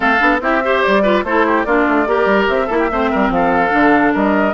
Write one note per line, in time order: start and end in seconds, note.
0.00 0.20 A3
0.00 0.18 C4
0.00 0.41 A4
0.00 0.39 F5
0.19 0.41 B3
0.19 0.40 D4
0.40 0.82 C4
0.40 0.61 E4
0.40 0.63 G4
0.40 0.82 E5
0.63 1.03 G4
0.63 1.03 C5
0.82 1.23 G3
0.82 1.24 D5
1.03 1.24 F4
1.03 1.23 B4
1.23 1.65 A3
1.23 1.66 E4
1.23 1.46 A4
1.23 1.63 C5
1.46 1.66 G4
1.63 1.86 A#3
1.63 2.06 D4
1.63 2.07 F4
1.63 2.46 D5
1.87 2.07 A3
2.06 2.25 A#3
2.06 2.68 G4
2.06 2.66 A#4
2.25 2.46 G3
2.47 2.69 C4
2.47 3.30 E5
2.66 2.90 A#3
2.66 2.89 E4
2.66 2.76 A4
2.78 2.89 G4
2.91 3.12 A3
2.91 3.69 C4
2.91 3.10 C5
3.10 3.29 G3
3.10 3.31 A#4
3.29 3.70 F3
3.29 4.13 A4
3.29 4.14 F5
3.69 4.14 D3
3.69 4.52 D4
4.13 4.53 G3
4.13 4.53 A#4
4.13 4.53 D#5